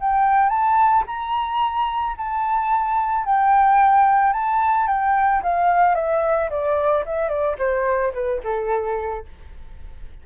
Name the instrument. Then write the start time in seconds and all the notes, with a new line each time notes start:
flute
0.00 G5
0.49 A5
1.07 A#5
2.17 A5
3.25 G5
4.33 A5
4.87 G5
5.43 F5
5.95 E5
6.50 D5
7.06 E5
7.29 D5
7.59 C5
8.14 B4
8.44 A4